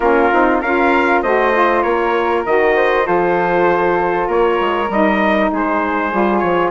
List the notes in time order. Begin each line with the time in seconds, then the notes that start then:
0.00 A#3 C#4 F4 A#4
0.32 C4 D#4
0.60 C#4 F4 A#4 F5
1.22 A3 F#4 C5 D#5
1.52 F4
1.82 A#3 A#4 C#5
2.45 D#3 F#4 D#5
2.75 C5
3.02 F3 F4 A4 C5
4.27 A#3 A#4 C#5
4.60 G#3
4.89 G3 D#4 D#5
5.52 G#3 G#4 C5
6.11 G3 F4
6.38 F3 C#5